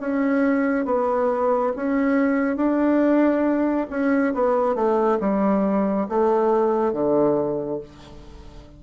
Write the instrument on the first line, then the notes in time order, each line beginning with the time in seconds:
bassoon
0.00 C#4
0.85 B3
1.76 C#4
2.57 D4
3.90 C#4
4.34 B3
4.75 A3
5.20 G3
6.09 A3
6.93 D3